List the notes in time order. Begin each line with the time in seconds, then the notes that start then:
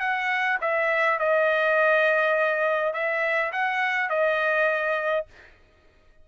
0.00 F#5
0.61 E5
1.19 D#5
2.94 E5
3.52 F#5
4.10 D#5